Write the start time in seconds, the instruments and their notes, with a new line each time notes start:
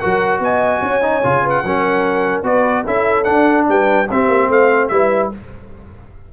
0.00 tuba F#3, trombone F#4, horn A#4, trumpet F#5
0.40 tuba B3, horn D#5, trumpet G#5
0.82 tuba C#4, horn C#5
1.02 trombone D#4
1.24 tuba C#3, trombone F4
1.44 horn B4
1.50 trumpet F#5
1.64 tuba F#3, trombone C#4, horn A#4
2.43 tuba B3, trombone F#4, horn B4, trumpet D5
2.84 tuba C#4, trombone E4, horn A4, trumpet E5
3.24 trombone D4, tuba D4, trumpet F#5
3.68 tuba G3, horn B4, trumpet G5
4.10 tuba C4, trombone C4, horn G4, trumpet E5
4.28 tuba A#3
4.49 tuba A3, horn C5, trumpet F5
4.88 tuba G3, trombone E4, horn B4, trumpet E5